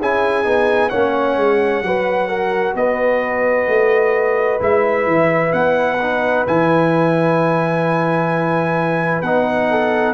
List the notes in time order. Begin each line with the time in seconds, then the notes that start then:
0.00 C#4 E4 G#4 G#5
0.44 B3 D#4
0.89 A#3 C#4 C#5 F#5
1.36 G#3
1.81 F#3 F#4 B4
2.29 A#4
2.74 B3 B4 D#5
3.68 A3
4.60 G#3 E4 E5
5.06 E3
5.52 B3 F#5
6.02 D#4
6.47 E3 E4 G#5
9.22 B3 D#4 F#5
9.70 A4